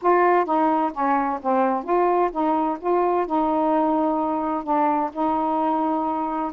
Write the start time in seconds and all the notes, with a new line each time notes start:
0.01 F4
0.45 D#4
0.93 C#4
1.41 C4
1.83 F4
2.31 D#4
2.79 F4
3.26 D#4
4.63 D4
5.12 D#4